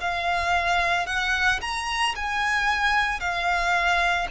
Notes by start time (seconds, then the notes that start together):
0.00 F5
1.06 F#5
1.61 A#5
2.15 G#5
3.20 F5